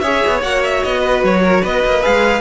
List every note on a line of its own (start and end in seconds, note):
0.00 0.22 C#4
0.00 0.42 G#4
0.00 1.00 C#5
0.00 0.40 E5
0.27 0.44 B3
0.42 0.84 A#3
0.42 2.02 F#4
0.42 0.63 F#5
0.64 0.84 E5
0.84 1.23 B3
0.84 1.24 D#5
1.00 1.40 B4
1.23 1.63 F#3
1.23 1.65 C#5
1.43 1.62 A#4
1.62 1.84 B3
1.62 2.42 B4
1.62 2.03 D#5
1.85 2.05 A#3
2.02 2.42 G#3
2.02 2.42 G#4
2.02 2.42 F5